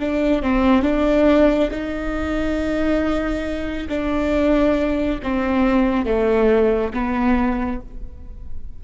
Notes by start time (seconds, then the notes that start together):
0.00 D4
0.43 C4
0.83 D4
1.71 D#4
3.89 D4
5.23 C4
6.06 A3
6.94 B3